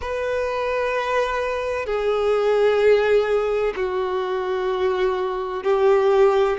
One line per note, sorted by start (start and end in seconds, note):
0.01 1.85 B4
1.85 3.73 G#4
3.75 5.63 F#4
5.63 6.57 G4